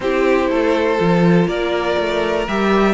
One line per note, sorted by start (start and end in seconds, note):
0.00 0.48 C4
0.00 0.98 E4
0.00 0.50 G4
0.00 1.48 C5
0.49 0.98 A3
0.49 1.47 A4
0.98 1.47 F3
0.98 2.45 F4
1.47 1.96 A#3
1.47 2.93 A#4
1.47 2.46 D5
1.98 2.47 A3
2.47 2.93 G3
2.47 2.93 G4
2.47 2.93 E5